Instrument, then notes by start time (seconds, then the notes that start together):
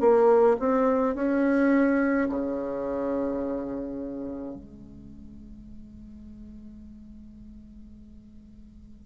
bassoon
0.00 A#3
0.59 C4
1.15 C#4
2.29 C#3
4.55 G#3